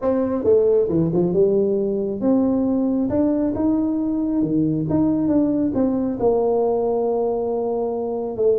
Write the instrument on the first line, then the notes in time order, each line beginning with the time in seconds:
tuba
0.01 C4
0.44 A3
0.88 E3
1.13 F3
1.33 G3
2.20 C4
3.09 D4
3.55 D#4
4.42 D#3
4.89 D#4
5.28 D4
5.74 C4
6.19 A#3
8.36 A3